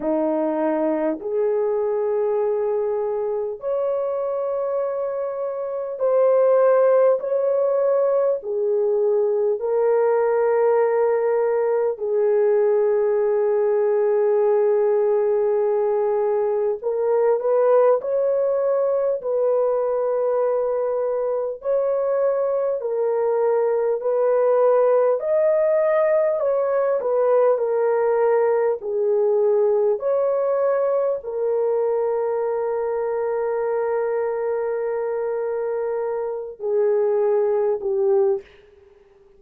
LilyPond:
\new Staff \with { instrumentName = "horn" } { \time 4/4 \tempo 4 = 50 dis'4 gis'2 cis''4~ | cis''4 c''4 cis''4 gis'4 | ais'2 gis'2~ | gis'2 ais'8 b'8 cis''4 |
b'2 cis''4 ais'4 | b'4 dis''4 cis''8 b'8 ais'4 | gis'4 cis''4 ais'2~ | ais'2~ ais'8 gis'4 g'8 | }